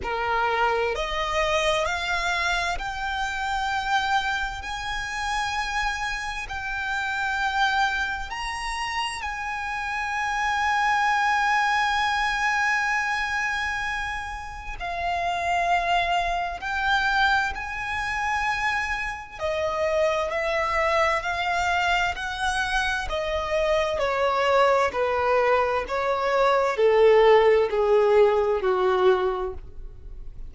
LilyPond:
\new Staff \with { instrumentName = "violin" } { \time 4/4 \tempo 4 = 65 ais'4 dis''4 f''4 g''4~ | g''4 gis''2 g''4~ | g''4 ais''4 gis''2~ | gis''1 |
f''2 g''4 gis''4~ | gis''4 dis''4 e''4 f''4 | fis''4 dis''4 cis''4 b'4 | cis''4 a'4 gis'4 fis'4 | }